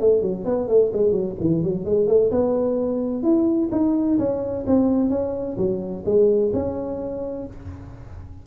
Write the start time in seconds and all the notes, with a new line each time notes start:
0.00 A3
0.22 F#3
0.45 B3
0.68 A3
0.93 G#3
1.12 F#3
1.40 E3
1.63 F#3
1.85 G#3
2.07 A3
2.31 B3
3.23 E4
3.71 D#4
4.18 C#4
4.66 C4
5.10 C#4
5.57 F#3
6.05 G#3
6.53 C#4